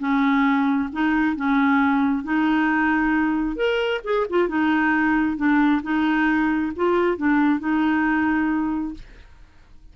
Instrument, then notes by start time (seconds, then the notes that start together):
clarinet
0.00 C#4
0.93 D#4
1.36 C#4
2.24 D#4
3.56 A#4
4.04 G#4
4.30 F4
4.49 D#4
5.37 D4
5.83 D#4
6.76 F4
7.18 D4
7.60 D#4